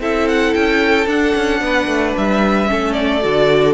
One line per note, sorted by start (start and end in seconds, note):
0.00 0.54 C4
0.00 1.07 E4
0.00 1.61 A4
0.00 0.28 E5
0.28 0.54 F#5
0.54 1.07 C#4
0.54 1.07 G5
1.07 1.33 D4
1.07 2.66 D4
1.07 2.16 F#5
1.35 1.61 C#4
1.61 1.87 B3
1.61 2.70 B4
1.87 2.14 A3
2.17 2.71 G3
2.17 2.93 E5
2.66 3.24 A3
2.66 3.20 C#4
2.66 3.74 A4
2.93 3.73 D5
3.22 3.74 D3
3.22 3.74 F#4